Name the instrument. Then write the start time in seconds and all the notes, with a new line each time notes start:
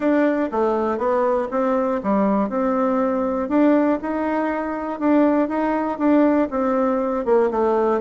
bassoon
0.00 D4
0.51 A3
0.98 B3
1.50 C4
2.03 G3
2.49 C4
3.49 D4
4.01 D#4
4.99 D4
5.48 D#4
5.98 D4
6.50 C4
7.25 A#3
7.50 A3